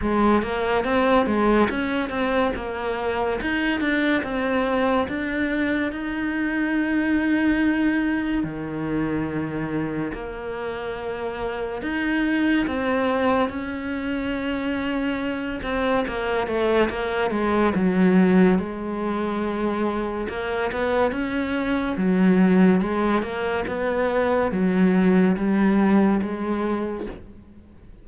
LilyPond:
\new Staff \with { instrumentName = "cello" } { \time 4/4 \tempo 4 = 71 gis8 ais8 c'8 gis8 cis'8 c'8 ais4 | dis'8 d'8 c'4 d'4 dis'4~ | dis'2 dis2 | ais2 dis'4 c'4 |
cis'2~ cis'8 c'8 ais8 a8 | ais8 gis8 fis4 gis2 | ais8 b8 cis'4 fis4 gis8 ais8 | b4 fis4 g4 gis4 | }